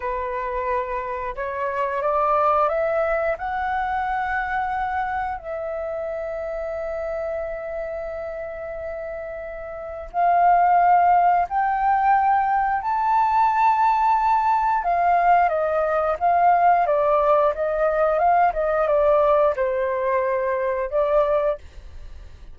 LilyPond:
\new Staff \with { instrumentName = "flute" } { \time 4/4 \tempo 4 = 89 b'2 cis''4 d''4 | e''4 fis''2. | e''1~ | e''2. f''4~ |
f''4 g''2 a''4~ | a''2 f''4 dis''4 | f''4 d''4 dis''4 f''8 dis''8 | d''4 c''2 d''4 | }